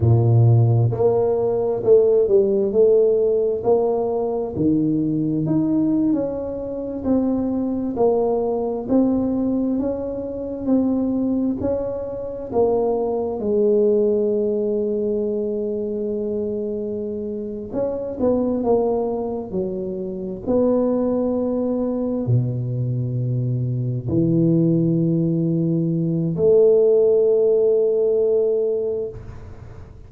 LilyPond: \new Staff \with { instrumentName = "tuba" } { \time 4/4 \tempo 4 = 66 ais,4 ais4 a8 g8 a4 | ais4 dis4 dis'8. cis'4 c'16~ | c'8. ais4 c'4 cis'4 c'16~ | c'8. cis'4 ais4 gis4~ gis16~ |
gis2.~ gis8 cis'8 | b8 ais4 fis4 b4.~ | b8 b,2 e4.~ | e4 a2. | }